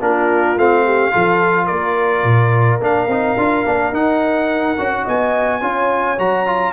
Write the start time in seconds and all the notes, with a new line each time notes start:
0.00 A#3 D4 F4 A#4
0.56 A3 C4 F5
0.85 G4
1.11 F3 F4 A4
1.65 A#3 A#4 D5
2.23 A#2
2.80 A#3 D4 F5
3.07 C4 D#4
3.37 D4 F4
3.65 A#3 D4
3.92 D#4 F#5
4.78 C#4 F#4
5.03 B3 D#5 G#5
5.60 C#4 F4 C#5
6.18 F#3 F#4 A#5
6.46 F4